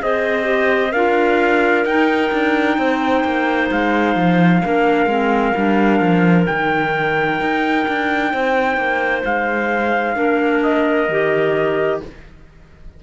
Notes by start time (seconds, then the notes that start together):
0.00 C4 G#4 C5 D#5
0.43 G4
0.93 D4 F4 A#4 F5
1.85 D#4 G5
2.32 D4
2.78 C4 C5
3.25 A#3
3.71 G#3 F5
4.16 F3
4.63 A#3 D4 A#4
5.07 G#3 C4
5.56 G3 D4
6.01 F3
6.47 D#3 D#4 G5
7.41 D#4
7.88 D4
8.32 C4 C5
8.77 A#3
9.25 G#3 F5
10.15 A#3 D4 A#4
10.63 D#5
11.09 D#3 G4